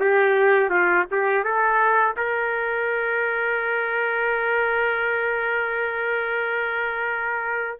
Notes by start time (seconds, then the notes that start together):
0.00 G4
0.70 F4
1.11 G4
1.44 A4
2.17 A#4